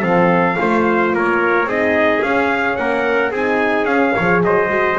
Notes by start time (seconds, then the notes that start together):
0.00 F3 C4 A4 F5
0.58 A3 F4 C5
1.13 A#3 A#4 C#5
1.64 C4 D#4 G#4 D#5
2.22 C#4 F5
2.76 A#3 A#4 F#5
3.30 C4 D#4 G#4 G#5
3.84 C#4 F5
4.14 F3 G#4 C#5
4.43 F#3 C5 D#5
4.69 G#3 F#4